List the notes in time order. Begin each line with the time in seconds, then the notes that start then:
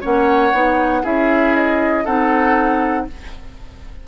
0.00 A#3 C#4 C#5 F#5
0.52 B3 D#4
1.02 C#4 E4 G#4 E5
1.55 D#5
2.04 C4 D#4 A4 F#5